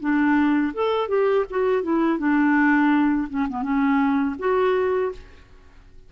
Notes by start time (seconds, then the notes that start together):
0.00 D4
0.74 A4
1.09 G4
1.50 F#4
1.83 E4
2.19 D4
3.30 C#4
3.49 B3
3.63 C#4
4.39 F#4